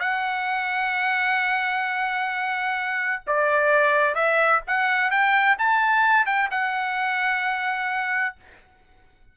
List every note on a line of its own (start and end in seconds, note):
0.00 3.23 F#5
3.27 4.15 D5
4.15 4.61 E5
4.67 5.11 F#5
5.11 5.57 G5
5.59 6.26 A5
6.26 6.49 G5
6.51 8.36 F#5